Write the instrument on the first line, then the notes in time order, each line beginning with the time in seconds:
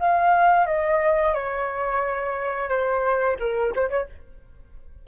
flute
0.00 F5
0.67 D#5
1.35 C#5
2.69 C5
3.40 A#4
3.76 C5
3.90 C#5